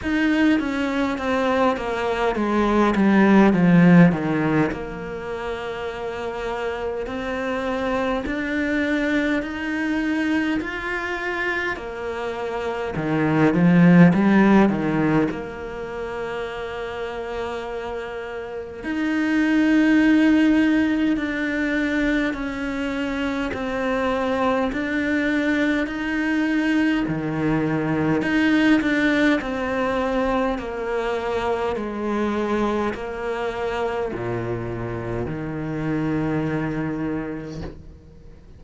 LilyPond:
\new Staff \with { instrumentName = "cello" } { \time 4/4 \tempo 4 = 51 dis'8 cis'8 c'8 ais8 gis8 g8 f8 dis8 | ais2 c'4 d'4 | dis'4 f'4 ais4 dis8 f8 | g8 dis8 ais2. |
dis'2 d'4 cis'4 | c'4 d'4 dis'4 dis4 | dis'8 d'8 c'4 ais4 gis4 | ais4 ais,4 dis2 | }